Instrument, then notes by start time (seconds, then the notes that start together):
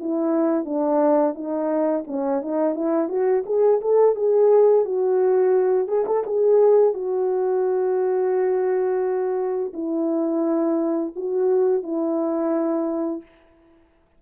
horn
0.00 E4
0.65 D4
1.35 D#4
2.07 C#4
2.42 D#4
2.75 E4
3.09 F#4
3.46 G#4
3.81 A4
4.15 G#4
4.85 F#4
5.88 G#4
6.07 A4
6.26 G#4
6.94 F#4
9.74 E4
11.16 F#4
11.83 E4